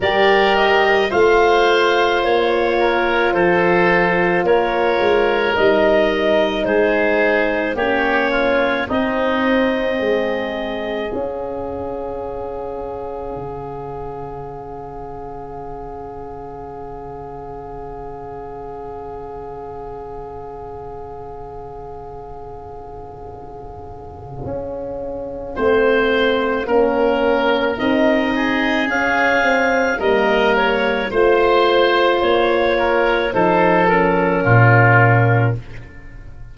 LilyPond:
<<
  \new Staff \with { instrumentName = "clarinet" } { \time 4/4 \tempo 4 = 54 d''8 dis''8 f''4 cis''4 c''4 | cis''4 dis''4 c''4 cis''4 | dis''2 f''2~ | f''1~ |
f''1~ | f''1~ | f''4 dis''4 f''4 dis''8 cis''8 | c''4 cis''4 c''8 ais'4. | }
  \new Staff \with { instrumentName = "oboe" } { \time 4/4 ais'4 c''4. ais'8 a'4 | ais'2 gis'4 g'8 f'8 | dis'4 gis'2.~ | gis'1~ |
gis'1~ | gis'2. c''4 | ais'4. gis'4. ais'4 | c''4. ais'8 a'4 f'4 | }
  \new Staff \with { instrumentName = "horn" } { \time 4/4 g'4 f'2.~ | f'4 dis'2 cis'4 | c'2 cis'2~ | cis'1~ |
cis'1~ | cis'2. c'4 | cis'4 dis'4 cis'8 c'8 ais4 | f'2 dis'8 cis'4. | }
  \new Staff \with { instrumentName = "tuba" } { \time 4/4 g4 a4 ais4 f4 | ais8 gis8 g4 gis4 ais4 | c'4 gis4 cis'2 | cis1~ |
cis1~ | cis2 cis'4 a4 | ais4 c'4 cis'4 g4 | a4 ais4 f4 ais,4 | }
>>